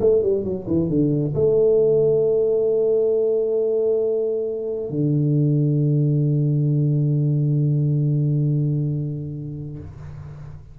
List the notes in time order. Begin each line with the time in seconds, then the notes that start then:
0.00 A3
0.22 G3
0.44 F#3
0.67 E3
0.89 D3
1.34 A3
4.90 D3